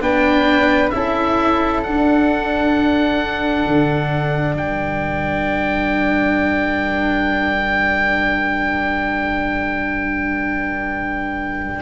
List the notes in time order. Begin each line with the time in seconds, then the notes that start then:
0.00 B3 D4 B4 G5
0.90 C#4 E4 A4 E5
1.83 D4 F#5
3.66 D3
4.54 G3 A#4 G5